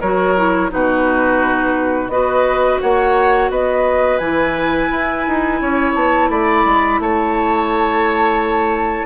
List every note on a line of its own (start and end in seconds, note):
0.00 0.71 F#3
0.00 0.36 F#4
0.00 0.70 A#4
0.00 0.70 C#5
0.36 0.69 E4
0.69 2.08 B2
0.69 2.09 D#4
0.69 2.12 F#4
0.69 2.09 B4
2.08 2.77 B3
2.08 4.20 F#4
2.08 2.81 B4
2.08 2.78 D#5
2.81 3.49 A#3
2.81 3.50 C#5
2.81 3.50 F#5
3.49 4.19 B3
3.49 5.60 B4
3.49 4.18 D#5
4.18 4.89 E3
4.18 9.05 E4
4.18 5.92 G#5
4.91 5.25 E4
5.27 5.61 D#4
5.61 5.94 C#4
5.61 6.30 C#5
5.94 6.28 B3
5.94 6.29 A5
6.28 6.63 A3
6.28 6.99 D5
6.28 7.00 B5
6.64 6.99 G#3
6.99 9.05 A3
6.99 9.05 C#5
6.99 9.05 A5